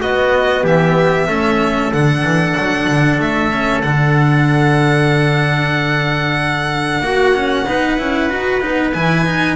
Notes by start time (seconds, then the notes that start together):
0.00 B3 F#4 D#5
0.63 E3 G4 E5
1.28 A3 C#4 A4
1.92 D3 D4 F#5
2.23 E3
2.57 F#3
2.86 D3
3.18 A3 E5
3.51 C#4
3.81 D3 D4 F#5
6.99 A#3 F#4
7.34 C#4
7.66 B3 D#4 B4
7.98 C#4 E4
8.29 D#4 F#4
8.61 B3 D#4
8.93 E3 E4 G#5
9.25 D#4